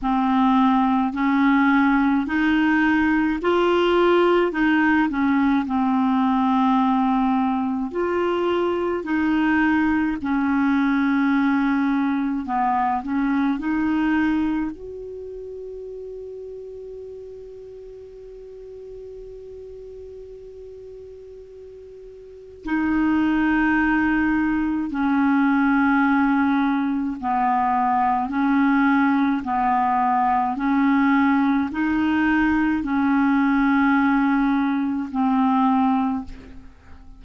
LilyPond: \new Staff \with { instrumentName = "clarinet" } { \time 4/4 \tempo 4 = 53 c'4 cis'4 dis'4 f'4 | dis'8 cis'8 c'2 f'4 | dis'4 cis'2 b8 cis'8 | dis'4 fis'2.~ |
fis'1 | dis'2 cis'2 | b4 cis'4 b4 cis'4 | dis'4 cis'2 c'4 | }